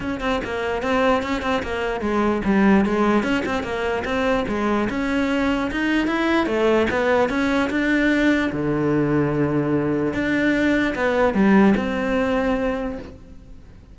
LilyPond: \new Staff \with { instrumentName = "cello" } { \time 4/4 \tempo 4 = 148 cis'8 c'8 ais4 c'4 cis'8 c'8 | ais4 gis4 g4 gis4 | cis'8 c'8 ais4 c'4 gis4 | cis'2 dis'4 e'4 |
a4 b4 cis'4 d'4~ | d'4 d2.~ | d4 d'2 b4 | g4 c'2. | }